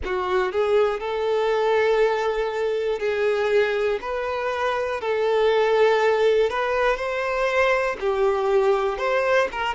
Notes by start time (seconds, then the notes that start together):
0.04 F#4
0.51 G#4
1.00 A4
2.99 G#4
4.01 B4
5.00 A4
6.50 B4
6.96 C5
8.00 G4
8.97 C5
9.51 A#4